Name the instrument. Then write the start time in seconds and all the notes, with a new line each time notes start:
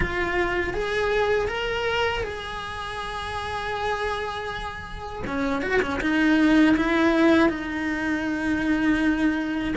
cello
0.00 F4
0.73 G#4
1.48 A#4
2.23 G#4
5.27 C#4
5.61 F#4
5.81 C#4
6.00 D#4
6.76 E4
7.49 D#4